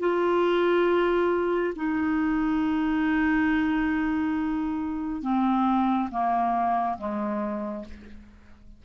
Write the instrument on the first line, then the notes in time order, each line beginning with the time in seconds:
clarinet
0.00 F4
1.76 D#4
5.23 C4
6.11 A#3
6.98 G#3